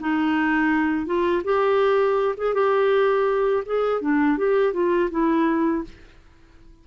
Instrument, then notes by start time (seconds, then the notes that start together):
clarinet
0.00 D#4
1.06 F4
1.44 G4
2.37 G#4
2.54 G4
3.66 G#4
4.01 D4
4.37 G4
4.73 F4
5.11 E4